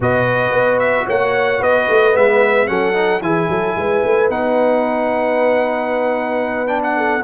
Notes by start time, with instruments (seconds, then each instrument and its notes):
0.00 tuba B2, trombone F#4, horn B4, trumpet D#5
0.51 tuba B3
0.79 trumpet E5
1.06 tuba A#3, horn C#5, trumpet F#5
1.59 tuba B3, horn B4, trumpet D#5
1.89 tuba A3
2.12 tuba G#3, trombone B3, trumpet E5
2.66 tuba F#3, trombone C#4, horn A4, trumpet F#5
2.93 trombone D#4
3.21 tuba E3, trombone E4, horn G#4, trumpet G#5
3.48 tuba F#3, horn A4
3.76 tuba G#3, horn B4
4.05 tuba A3
4.29 tuba B3, trombone D#4, trumpet F#5
6.67 trombone D4, trumpet G5
6.83 trumpet F#5
6.96 horn A4